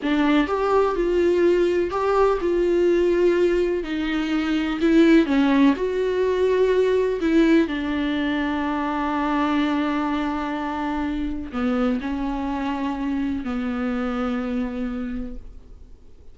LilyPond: \new Staff \with { instrumentName = "viola" } { \time 4/4 \tempo 4 = 125 d'4 g'4 f'2 | g'4 f'2. | dis'2 e'4 cis'4 | fis'2. e'4 |
d'1~ | d'1 | b4 cis'2. | b1 | }